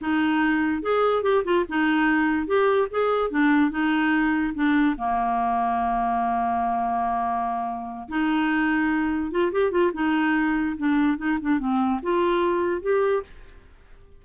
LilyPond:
\new Staff \with { instrumentName = "clarinet" } { \time 4/4 \tempo 4 = 145 dis'2 gis'4 g'8 f'8 | dis'2 g'4 gis'4 | d'4 dis'2 d'4 | ais1~ |
ais2.~ ais8 dis'8~ | dis'2~ dis'8 f'8 g'8 f'8 | dis'2 d'4 dis'8 d'8 | c'4 f'2 g'4 | }